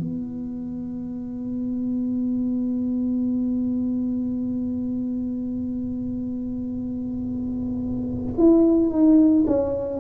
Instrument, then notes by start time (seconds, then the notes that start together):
tuba
0.00 B3
8.38 E4
8.90 D#4
9.47 C#4